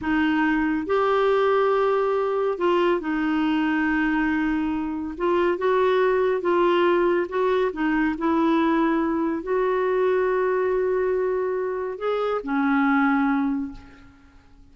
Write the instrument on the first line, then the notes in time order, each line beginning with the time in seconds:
clarinet
0.01 D#4
0.86 G4
2.58 F4
3.00 D#4
5.17 F4
5.58 F#4
6.41 F4
7.28 F#4
7.72 D#4
8.18 E4
9.42 F#4
11.98 G#4
12.43 C#4